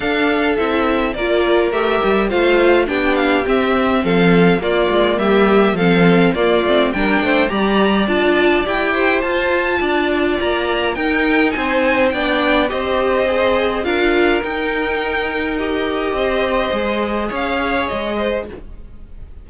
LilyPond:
<<
  \new Staff \with { instrumentName = "violin" } { \time 4/4 \tempo 4 = 104 f''4 e''4 d''4 e''4 | f''4 g''8 f''8 e''4 f''4 | d''4 e''4 f''4 d''4 | g''4 ais''4 a''4 g''4 |
a''2 ais''4 g''4 | gis''4 g''4 dis''2 | f''4 g''2 dis''4~ | dis''2 f''4 dis''4 | }
  \new Staff \with { instrumentName = "violin" } { \time 4/4 a'2 ais'2 | c''4 g'2 a'4 | f'4 g'4 a'4 f'4 | ais'8 c''8 d''2~ d''8 c''8~ |
c''4 d''2 ais'4 | c''4 d''4 c''2 | ais'1 | c''2 cis''4. c''8 | }
  \new Staff \with { instrumentName = "viola" } { \time 4/4 d'4 e'4 f'4 g'4 | f'4 d'4 c'2 | ais2 c'4 ais8 c'8 | d'4 g'4 f'4 g'4 |
f'2. dis'4~ | dis'4 d'4 g'4 gis'4 | f'4 dis'2 g'4~ | g'4 gis'2. | }
  \new Staff \with { instrumentName = "cello" } { \time 4/4 d'4 c'4 ais4 a8 g8 | a4 b4 c'4 f4 | ais8 gis8 g4 f4 ais8 a8 | g8 a8 g4 d'4 e'4 |
f'4 d'4 ais4 dis'4 | c'4 b4 c'2 | d'4 dis'2. | c'4 gis4 cis'4 gis4 | }
>>